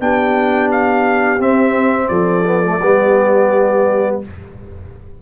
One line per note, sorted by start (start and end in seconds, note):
0.00 1.39 B3
0.00 1.40 D4
0.00 2.09 G4
0.00 0.70 G5
0.72 1.41 F5
1.39 2.09 C4
1.39 2.45 C4
1.39 2.08 E5
2.08 2.79 F3
2.08 2.78 A4
2.08 4.17 D5
2.45 2.63 B3
2.63 2.80 A3
2.79 4.21 G3
2.79 4.22 B3
2.79 4.19 G4